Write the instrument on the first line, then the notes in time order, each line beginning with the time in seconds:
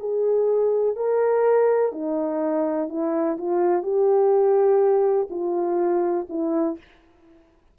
horn
0.00 G#4
0.96 A#4
1.92 D#4
2.89 E4
3.38 F4
3.83 G4
5.30 F4
6.29 E4